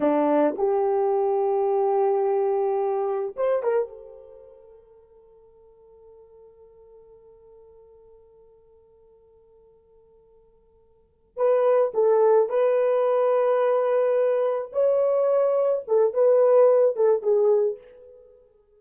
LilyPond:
\new Staff \with { instrumentName = "horn" } { \time 4/4 \tempo 4 = 108 d'4 g'2.~ | g'2 c''8 ais'8 a'4~ | a'1~ | a'1~ |
a'1~ | a'8 b'4 a'4 b'4.~ | b'2~ b'8 cis''4.~ | cis''8 a'8 b'4. a'8 gis'4 | }